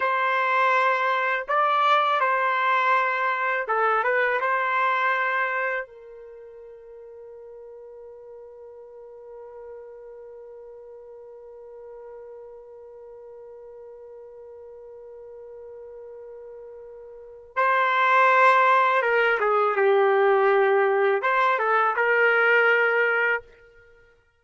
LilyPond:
\new Staff \with { instrumentName = "trumpet" } { \time 4/4 \tempo 4 = 82 c''2 d''4 c''4~ | c''4 a'8 b'8 c''2 | ais'1~ | ais'1~ |
ais'1~ | ais'1 | c''2 ais'8 gis'8 g'4~ | g'4 c''8 a'8 ais'2 | }